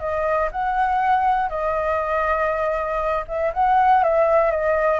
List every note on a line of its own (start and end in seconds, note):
0.00 0.50 D#5
0.52 1.50 F#5
1.50 3.25 D#5
3.28 3.53 E5
3.54 4.04 F#5
4.04 4.52 E5
4.52 5.00 D#5